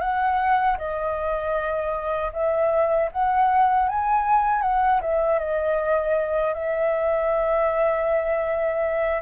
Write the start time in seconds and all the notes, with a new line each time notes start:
0.00 F#5
0.78 D#5
2.33 E5
3.12 F#5
3.88 G#5
4.62 F#5
5.01 E5
5.39 D#5
6.53 E5